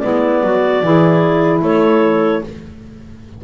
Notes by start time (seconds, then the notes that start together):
0.00 G#3 B3 E4 D5
0.44 F#3 F#4
0.83 E3 E4 G#4
1.61 A3 A4 C#5